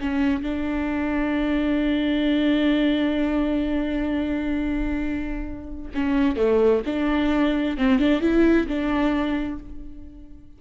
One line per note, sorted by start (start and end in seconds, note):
0.00 0.42 C#4
0.42 5.91 D4
5.94 6.36 C#4
6.36 6.82 A3
6.86 7.77 D4
7.77 7.99 C4
7.99 8.21 D4
8.21 8.67 E4
8.67 9.59 D4